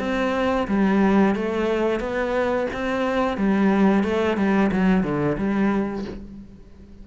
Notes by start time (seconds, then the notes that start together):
0.00 C4
0.68 G3
1.36 A3
2.00 B3
2.74 C4
3.38 G3
4.04 A3
4.38 G3
4.72 F#3
5.03 D3
5.38 G3